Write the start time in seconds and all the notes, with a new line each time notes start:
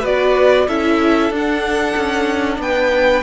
0.00 B3 F#4 B4 D5
0.68 C#4 E4 A4 E5
1.31 D4 F#5
1.97 C#4
2.59 B3 B4 G5